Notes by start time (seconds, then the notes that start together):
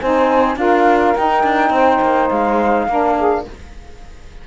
0.00 C4 D#4 C5 G#5
0.56 D4 F4 A#4 F5
1.16 D#4 G5
1.44 D4
1.70 C4 C5
2.01 A#3
2.30 G#3 F5
2.88 A#3 D4 A#4
3.18 G#4